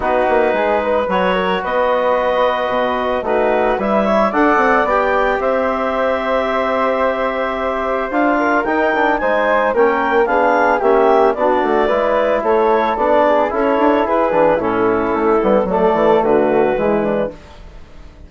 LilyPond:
<<
  \new Staff \with { instrumentName = "clarinet" } { \time 4/4 \tempo 4 = 111 b'2 cis''4 dis''4~ | dis''2 b'4 e''4 | fis''4 g''4 e''2~ | e''2. f''4 |
g''4 gis''4 g''4 f''4 | e''4 d''2 cis''4 | d''4 cis''4 b'4 a'4~ | a'4 d''4 b'2 | }
  \new Staff \with { instrumentName = "flute" } { \time 4/4 fis'4 gis'8 b'4 ais'8 b'4~ | b'2 fis'4 b'8 cis''8 | d''2 c''2~ | c''2.~ c''8 ais'8~ |
ais'4 c''4 ais'4 gis'4 | g'4 fis'4 b'4 a'4~ | a'8 gis'8 a'4 gis'4 e'4~ | e'4 a'4 fis'4 e'8 d'8 | }
  \new Staff \with { instrumentName = "trombone" } { \time 4/4 dis'2 fis'2~ | fis'2 dis'4 e'4 | a'4 g'2.~ | g'2. f'4 |
dis'8 d'8 dis'4 cis'4 d'4 | cis'4 d'4 e'2 | d'4 e'4. d'8 cis'4~ | cis'8 b8 a2 gis4 | }
  \new Staff \with { instrumentName = "bassoon" } { \time 4/4 b8 ais8 gis4 fis4 b4~ | b4 b,4 a4 g4 | d'8 c'8 b4 c'2~ | c'2. d'4 |
dis'4 gis4 ais4 b4 | ais4 b8 a8 gis4 a4 | b4 cis'8 d'8 e'8 e8 a,4 | a8 g8 fis8 e8 d4 e4 | }
>>